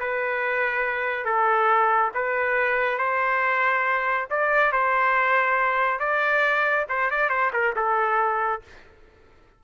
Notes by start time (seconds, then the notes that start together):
0.00 B4
1.25 A4
2.14 B4
2.98 C5
4.30 D5
4.72 C5
6.00 D5
6.89 C5
7.11 D5
7.29 C5
7.53 A#4
7.76 A4